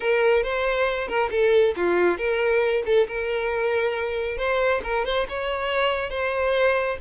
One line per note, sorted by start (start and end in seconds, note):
0.00 0.43 A#4
0.43 1.07 C5
1.07 1.29 A#4
1.30 1.74 A4
1.76 2.17 F4
2.17 2.83 A#4
2.85 3.07 A4
3.07 4.37 A#4
4.37 4.81 C5
4.83 5.05 A#4
5.05 5.27 C5
5.29 6.10 C#5
6.10 6.97 C5